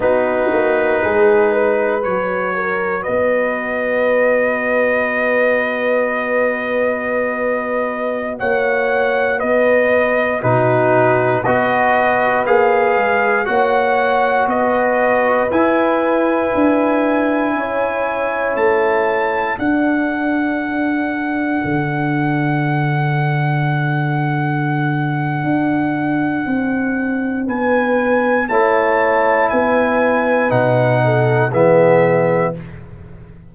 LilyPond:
<<
  \new Staff \with { instrumentName = "trumpet" } { \time 4/4 \tempo 4 = 59 b'2 cis''4 dis''4~ | dis''1~ | dis''16 fis''4 dis''4 b'4 dis''8.~ | dis''16 f''4 fis''4 dis''4 gis''8.~ |
gis''2~ gis''16 a''4 fis''8.~ | fis''1~ | fis''2. gis''4 | a''4 gis''4 fis''4 e''4 | }
  \new Staff \with { instrumentName = "horn" } { \time 4/4 fis'4 gis'8 b'4 ais'8 b'4~ | b'1~ | b'16 cis''4 b'4 fis'4 b'8.~ | b'4~ b'16 cis''4 b'4.~ b'16~ |
b'4~ b'16 cis''2 a'8.~ | a'1~ | a'2. b'4 | cis''4 b'4. a'8 gis'4 | }
  \new Staff \with { instrumentName = "trombone" } { \time 4/4 dis'2 fis'2~ | fis'1~ | fis'2~ fis'16 dis'4 fis'8.~ | fis'16 gis'4 fis'2 e'8.~ |
e'2.~ e'16 d'8.~ | d'1~ | d'1 | e'2 dis'4 b4 | }
  \new Staff \with { instrumentName = "tuba" } { \time 4/4 b8 ais8 gis4 fis4 b4~ | b1~ | b16 ais4 b4 b,4 b8.~ | b16 ais8 gis8 ais4 b4 e'8.~ |
e'16 d'4 cis'4 a4 d'8.~ | d'4~ d'16 d2~ d8.~ | d4 d'4 c'4 b4 | a4 b4 b,4 e4 | }
>>